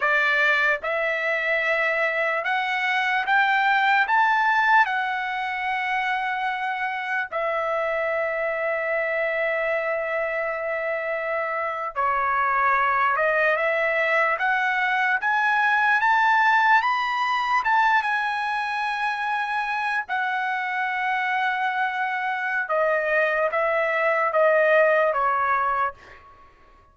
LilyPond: \new Staff \with { instrumentName = "trumpet" } { \time 4/4 \tempo 4 = 74 d''4 e''2 fis''4 | g''4 a''4 fis''2~ | fis''4 e''2.~ | e''2~ e''8. cis''4~ cis''16~ |
cis''16 dis''8 e''4 fis''4 gis''4 a''16~ | a''8. b''4 a''8 gis''4.~ gis''16~ | gis''8. fis''2.~ fis''16 | dis''4 e''4 dis''4 cis''4 | }